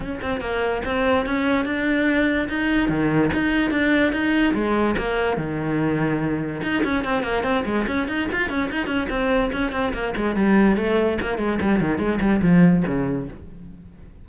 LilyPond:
\new Staff \with { instrumentName = "cello" } { \time 4/4 \tempo 4 = 145 cis'8 c'8 ais4 c'4 cis'4 | d'2 dis'4 dis4 | dis'4 d'4 dis'4 gis4 | ais4 dis2. |
dis'8 cis'8 c'8 ais8 c'8 gis8 cis'8 dis'8 | f'8 cis'8 dis'8 cis'8 c'4 cis'8 c'8 | ais8 gis8 g4 a4 ais8 gis8 | g8 dis8 gis8 g8 f4 cis4 | }